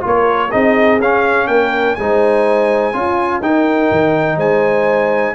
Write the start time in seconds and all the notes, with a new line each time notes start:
0.00 A#3 F4 A#4 C#5
0.50 C4 D#4 G#4 D#5
1.00 C#4 F5
1.47 A#3 A#4 G5
1.95 G#3 D#4 C5 G#5
2.93 C#4 F4
3.41 D#4 A#4 G5
3.91 D#3
4.37 G#3 C5 G#5